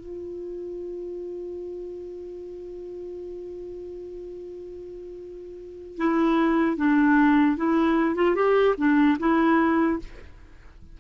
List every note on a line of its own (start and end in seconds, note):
0.00 5.97 F4
5.97 6.77 E4
6.77 7.57 D4
7.57 8.16 E4
8.16 8.36 F4
8.36 8.76 G4
8.78 9.18 D4
9.20 10.00 E4